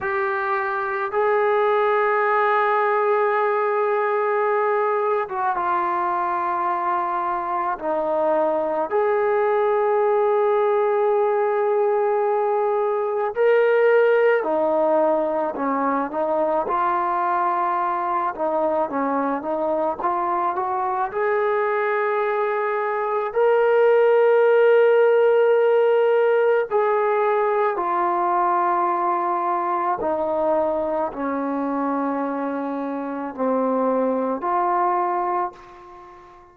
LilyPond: \new Staff \with { instrumentName = "trombone" } { \time 4/4 \tempo 4 = 54 g'4 gis'2.~ | gis'8. fis'16 f'2 dis'4 | gis'1 | ais'4 dis'4 cis'8 dis'8 f'4~ |
f'8 dis'8 cis'8 dis'8 f'8 fis'8 gis'4~ | gis'4 ais'2. | gis'4 f'2 dis'4 | cis'2 c'4 f'4 | }